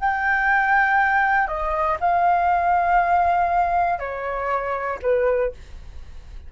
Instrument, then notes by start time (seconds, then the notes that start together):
flute
0.00 G5
1.48 D#5
2.00 F5
3.99 C#5
5.02 B4